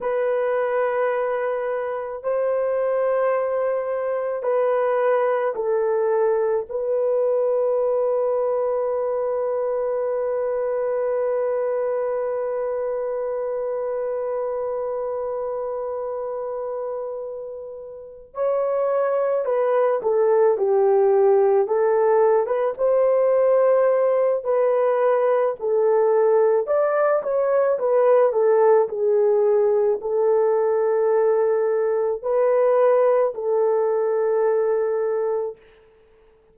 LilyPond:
\new Staff \with { instrumentName = "horn" } { \time 4/4 \tempo 4 = 54 b'2 c''2 | b'4 a'4 b'2~ | b'1~ | b'1~ |
b'8 cis''4 b'8 a'8 g'4 a'8~ | a'16 b'16 c''4. b'4 a'4 | d''8 cis''8 b'8 a'8 gis'4 a'4~ | a'4 b'4 a'2 | }